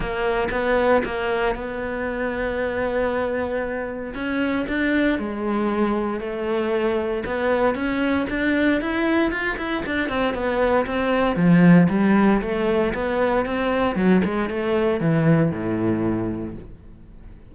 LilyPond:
\new Staff \with { instrumentName = "cello" } { \time 4/4 \tempo 4 = 116 ais4 b4 ais4 b4~ | b1 | cis'4 d'4 gis2 | a2 b4 cis'4 |
d'4 e'4 f'8 e'8 d'8 c'8 | b4 c'4 f4 g4 | a4 b4 c'4 fis8 gis8 | a4 e4 a,2 | }